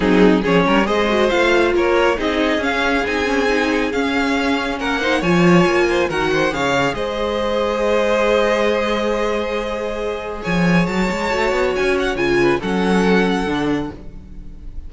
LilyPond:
<<
  \new Staff \with { instrumentName = "violin" } { \time 4/4 \tempo 4 = 138 gis'4 cis''4 dis''4 f''4 | cis''4 dis''4 f''4 gis''4~ | gis''4 f''2 fis''4 | gis''2 fis''4 f''4 |
dis''1~ | dis''1 | gis''4 a''2 gis''8 fis''8 | gis''4 fis''2. | }
  \new Staff \with { instrumentName = "violin" } { \time 4/4 dis'4 gis'8 ais'8 c''2 | ais'4 gis'2.~ | gis'2. ais'8 c''8 | cis''4. c''8 ais'8 c''8 cis''4 |
c''1~ | c''1 | cis''1~ | cis''8 b'8 a'2. | }
  \new Staff \with { instrumentName = "viola" } { \time 4/4 c'4 cis'4 gis'8 fis'8 f'4~ | f'4 dis'4 cis'4 dis'8 cis'8 | dis'4 cis'2~ cis'8 dis'8 | f'2 fis'4 gis'4~ |
gis'1~ | gis'1~ | gis'2 fis'2 | f'4 cis'2 d'4 | }
  \new Staff \with { instrumentName = "cello" } { \time 4/4 fis4 f8 g8 gis4 a4 | ais4 c'4 cis'4 c'4~ | c'4 cis'2 ais4 | f4 ais4 dis4 cis4 |
gis1~ | gis1 | f4 fis8 gis8 a8 b8 cis'4 | cis4 fis2 d4 | }
>>